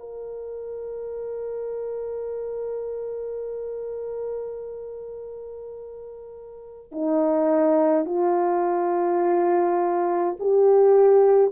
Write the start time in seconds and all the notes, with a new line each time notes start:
0.00 A#4
6.92 D#4
8.06 F4
10.40 G4